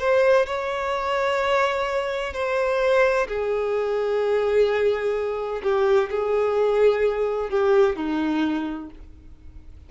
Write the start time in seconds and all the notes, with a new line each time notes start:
0.00 C5
0.46 C#5
2.34 C5
3.28 G#4
5.63 G4
6.11 G#4
7.50 G4
7.96 D#4